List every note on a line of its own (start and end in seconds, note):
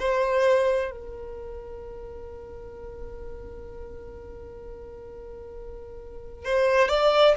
0.00 0.92 C5
0.92 6.45 A#4
6.45 6.89 C5
6.89 7.35 D5